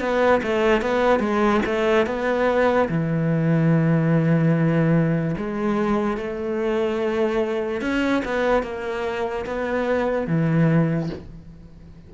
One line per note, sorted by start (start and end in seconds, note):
0.00 0.41 B3
0.43 0.81 A3
0.81 1.20 B3
1.20 1.61 G#3
1.66 2.06 A3
2.06 2.88 B3
2.88 5.35 E3
5.37 6.17 G#3
6.17 7.81 A3
7.81 8.22 C#4
8.25 8.63 B3
8.63 9.45 A#3
9.46 10.27 B3
10.27 11.09 E3